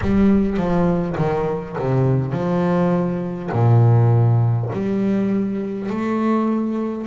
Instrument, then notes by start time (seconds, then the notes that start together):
double bass
0.01 G3
0.57 F3
1.17 D#3
1.78 C3
2.32 F3
3.52 A#2
4.73 G3
5.89 A3